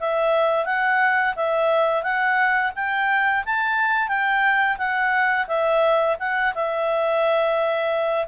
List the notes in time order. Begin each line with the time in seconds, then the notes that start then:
0.00 E5
0.66 F#5
1.36 E5
2.03 F#5
2.76 G5
3.45 A5
4.08 G5
4.78 F#5
5.48 E5
6.19 F#5
6.55 E5